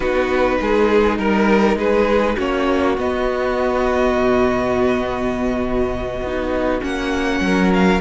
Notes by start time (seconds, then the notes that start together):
0.00 B3 D#4 F#4 B4
0.61 G#3 G#4
1.18 G3 A#4
1.76 G#3 G#4 B4
2.36 A#3 C#4 F#4 C#5
2.97 B3 D#5
4.17 B2
6.21 B3 D#4
6.81 A#3 C#4 F#5
7.40 F#3 A#4
7.73 F5